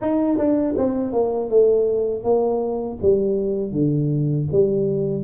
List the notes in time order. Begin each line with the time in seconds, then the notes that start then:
0.01 D#4
0.37 D4
0.77 C4
1.12 A#3
1.49 A3
2.23 A#3
3.01 G3
3.71 D3
4.52 G3